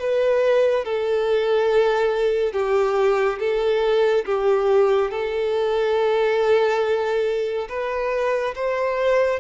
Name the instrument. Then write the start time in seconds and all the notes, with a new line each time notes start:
violin
0.00 B4
0.85 A4
2.53 G4
3.39 A4
4.25 G4
5.11 A4
7.69 B4
8.56 C5